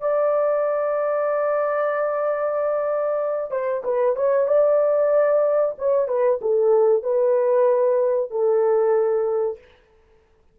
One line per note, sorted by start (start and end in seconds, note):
0.00 3.51 D5
3.51 3.83 C5
3.84 4.16 B4
4.16 4.47 C#5
4.47 5.75 D5
5.78 6.08 C#5
6.08 6.40 B4
6.41 7.03 A4
7.03 8.30 B4
8.30 9.58 A4